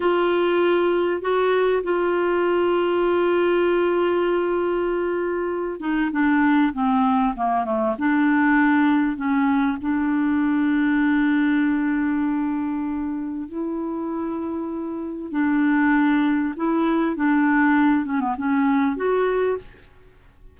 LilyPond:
\new Staff \with { instrumentName = "clarinet" } { \time 4/4 \tempo 4 = 98 f'2 fis'4 f'4~ | f'1~ | f'4. dis'8 d'4 c'4 | ais8 a8 d'2 cis'4 |
d'1~ | d'2 e'2~ | e'4 d'2 e'4 | d'4. cis'16 b16 cis'4 fis'4 | }